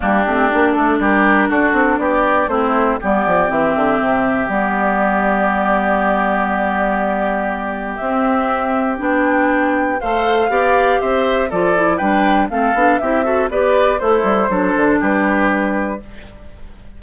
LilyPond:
<<
  \new Staff \with { instrumentName = "flute" } { \time 4/4 \tempo 4 = 120 g'4. a'8 ais'4 a'4 | d''4 c''4 d''4 e''4~ | e''4 d''2.~ | d''1 |
e''2 g''2 | f''2 e''4 d''4 | g''4 f''4 e''4 d''4 | c''2 b'2 | }
  \new Staff \with { instrumentName = "oboe" } { \time 4/4 d'2 g'4 fis'4 | g'4 e'4 g'2~ | g'1~ | g'1~ |
g'1 | c''4 d''4 c''4 a'4 | b'4 a'4 g'8 a'8 b'4 | e'4 a'4 g'2 | }
  \new Staff \with { instrumentName = "clarinet" } { \time 4/4 ais8 c'8 d'2.~ | d'4 c'4 b4 c'4~ | c'4 b2.~ | b1 |
c'2 d'2 | a'4 g'2 f'8 e'8 | d'4 c'8 d'8 e'8 fis'8 g'4 | a'4 d'2. | }
  \new Staff \with { instrumentName = "bassoon" } { \time 4/4 g8 a8 ais8 a8 g4 d'8 c'8 | b4 a4 g8 f8 e8 d8 | c4 g2.~ | g1 |
c'2 b2 | a4 b4 c'4 f4 | g4 a8 b8 c'4 b4 | a8 g8 fis8 d8 g2 | }
>>